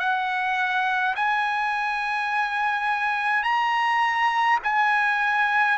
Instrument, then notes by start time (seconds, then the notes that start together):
trumpet
0.00 F#5
1.16 G#5
3.44 A#5
4.64 G#5